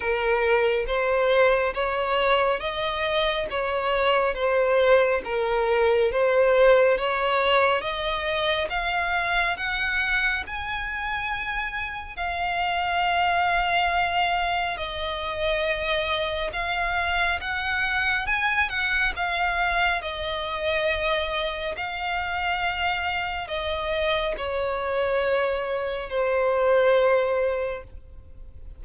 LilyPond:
\new Staff \with { instrumentName = "violin" } { \time 4/4 \tempo 4 = 69 ais'4 c''4 cis''4 dis''4 | cis''4 c''4 ais'4 c''4 | cis''4 dis''4 f''4 fis''4 | gis''2 f''2~ |
f''4 dis''2 f''4 | fis''4 gis''8 fis''8 f''4 dis''4~ | dis''4 f''2 dis''4 | cis''2 c''2 | }